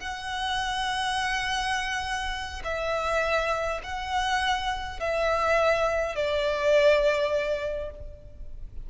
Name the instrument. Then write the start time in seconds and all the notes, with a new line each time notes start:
violin
0.00 F#5
2.64 E5
3.83 F#5
5.00 E5
6.15 D5